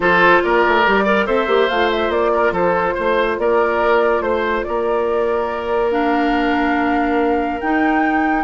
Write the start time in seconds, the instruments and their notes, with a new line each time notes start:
0.00 bassoon F3, clarinet F4, oboe A4, flute C5
0.43 bassoon A#3, oboe A#4, flute D5
0.67 bassoon A3
0.86 bassoon G3, clarinet G4
1.04 clarinet A#4, oboe D5
1.26 bassoon C4, clarinet A4, oboe C5, flute E5
1.47 bassoon A#3, clarinet G4
1.68 bassoon A3, clarinet F4, flute F5
1.90 flute E5
2.09 bassoon A#3, flute D5
2.33 oboe A#4
2.51 bassoon F3, oboe A4, flute C5
2.94 bassoon A3, oboe C5
3.38 bassoon A#3, oboe A#4, flute D5
4.20 bassoon A3, flute C5, oboe C5
4.63 bassoon A#3, oboe A#4, flute D5
5.91 clarinet D4, flute F5
7.60 bassoon D#4, clarinet D#4, flute G5